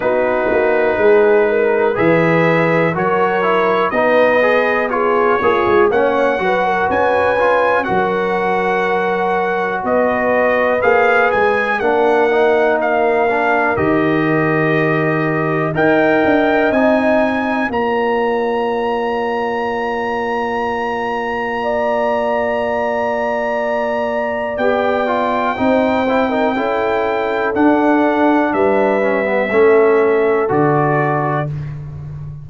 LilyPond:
<<
  \new Staff \with { instrumentName = "trumpet" } { \time 4/4 \tempo 4 = 61 b'2 e''4 cis''4 | dis''4 cis''4 fis''4 gis''4 | fis''2 dis''4 f''8 gis''8 | fis''4 f''4 dis''2 |
g''4 gis''4 ais''2~ | ais''1~ | ais''4 g''2. | fis''4 e''2 d''4 | }
  \new Staff \with { instrumentName = "horn" } { \time 4/4 fis'4 gis'8 ais'8 b'4 ais'4 | b'4 gis'8 f'8 cis''8 b'16 ais'16 b'4 | ais'2 b'2 | ais'1 |
dis''2 cis''2~ | cis''2 d''2~ | d''2 c''8. ais'16 a'4~ | a'4 b'4 a'2 | }
  \new Staff \with { instrumentName = "trombone" } { \time 4/4 dis'2 gis'4 fis'8 e'8 | dis'8 gis'8 f'8 gis'8 cis'8 fis'4 f'8 | fis'2. gis'4 | d'8 dis'4 d'8 g'2 |
ais'4 dis'4 f'2~ | f'1~ | f'4 g'8 f'8 dis'8 e'16 dis'16 e'4 | d'4. cis'16 b16 cis'4 fis'4 | }
  \new Staff \with { instrumentName = "tuba" } { \time 4/4 b8 ais8 gis4 e4 fis4 | b4. ais16 gis16 ais8 fis8 cis'4 | fis2 b4 ais8 gis8 | ais2 dis2 |
dis'8 d'8 c'4 ais2~ | ais1~ | ais4 b4 c'4 cis'4 | d'4 g4 a4 d4 | }
>>